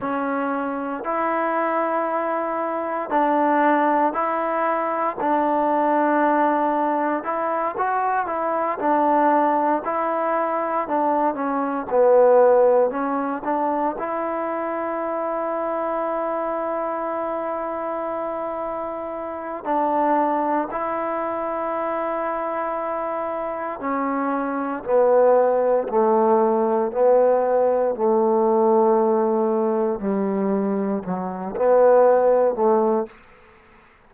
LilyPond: \new Staff \with { instrumentName = "trombone" } { \time 4/4 \tempo 4 = 58 cis'4 e'2 d'4 | e'4 d'2 e'8 fis'8 | e'8 d'4 e'4 d'8 cis'8 b8~ | b8 cis'8 d'8 e'2~ e'8~ |
e'2. d'4 | e'2. cis'4 | b4 a4 b4 a4~ | a4 g4 fis8 b4 a8 | }